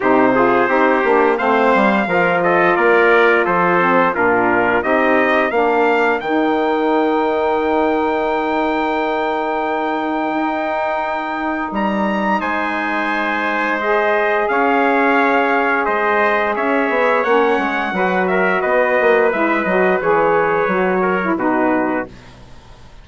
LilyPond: <<
  \new Staff \with { instrumentName = "trumpet" } { \time 4/4 \tempo 4 = 87 c''2 f''4. dis''8 | d''4 c''4 ais'4 dis''4 | f''4 g''2.~ | g''1~ |
g''4 ais''4 gis''2 | dis''4 f''2 dis''4 | e''4 fis''4. e''8 dis''4 | e''8 dis''8 cis''2 b'4 | }
  \new Staff \with { instrumentName = "trumpet" } { \time 4/4 g'8 gis'8 g'4 c''4 ais'8 a'8 | ais'4 a'4 f'4 g'4 | ais'1~ | ais'1~ |
ais'2 c''2~ | c''4 cis''2 c''4 | cis''2 b'8 ais'8 b'4~ | b'2~ b'8 ais'8 fis'4 | }
  \new Staff \with { instrumentName = "saxophone" } { \time 4/4 dis'8 f'8 dis'8 d'8 c'4 f'4~ | f'4. c'8 d'4 dis'4 | d'4 dis'2.~ | dis'1~ |
dis'1 | gis'1~ | gis'4 cis'4 fis'2 | e'8 fis'8 gis'4 fis'8. e'16 dis'4 | }
  \new Staff \with { instrumentName = "bassoon" } { \time 4/4 c4 c'8 ais8 a8 g8 f4 | ais4 f4 ais,4 c'4 | ais4 dis2.~ | dis2. dis'4~ |
dis'4 g4 gis2~ | gis4 cis'2 gis4 | cis'8 b8 ais8 gis8 fis4 b8 ais8 | gis8 fis8 e4 fis4 b,4 | }
>>